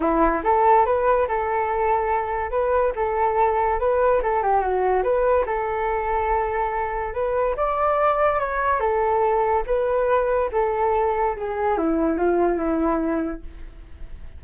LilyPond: \new Staff \with { instrumentName = "flute" } { \time 4/4 \tempo 4 = 143 e'4 a'4 b'4 a'4~ | a'2 b'4 a'4~ | a'4 b'4 a'8 g'8 fis'4 | b'4 a'2.~ |
a'4 b'4 d''2 | cis''4 a'2 b'4~ | b'4 a'2 gis'4 | e'4 f'4 e'2 | }